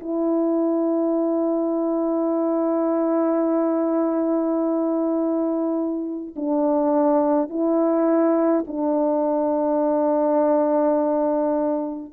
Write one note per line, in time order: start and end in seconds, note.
0.00 6.35 E4
6.36 7.49 D4
7.49 8.64 E4
8.67 12.13 D4